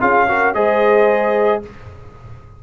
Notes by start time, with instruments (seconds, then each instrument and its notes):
0.00 tuba C#4, trombone F4, horn G#4, trumpet F5
0.28 trombone F#4, horn A#4
0.54 tuba G#3, trombone G#4, horn C5, trumpet D#5